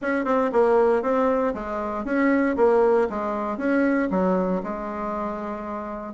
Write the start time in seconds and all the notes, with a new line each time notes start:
0.01 C#4
0.24 C4
0.52 A#3
1.02 C4
1.53 G#3
2.04 C#4
2.56 A#3
3.09 G#3
3.57 C#4
4.10 F#3
4.63 G#3